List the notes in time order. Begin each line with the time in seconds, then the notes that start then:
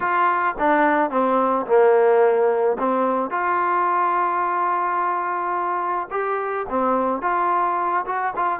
0.00 F4
0.58 D4
1.10 C4
1.66 A#3
2.78 C4
3.30 F4
6.10 G4
6.69 C4
7.21 F4
8.06 F#4
8.35 F4